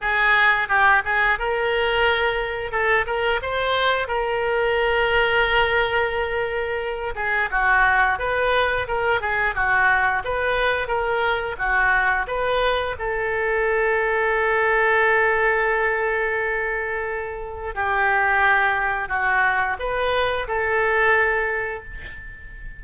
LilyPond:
\new Staff \with { instrumentName = "oboe" } { \time 4/4 \tempo 4 = 88 gis'4 g'8 gis'8 ais'2 | a'8 ais'8 c''4 ais'2~ | ais'2~ ais'8 gis'8 fis'4 | b'4 ais'8 gis'8 fis'4 b'4 |
ais'4 fis'4 b'4 a'4~ | a'1~ | a'2 g'2 | fis'4 b'4 a'2 | }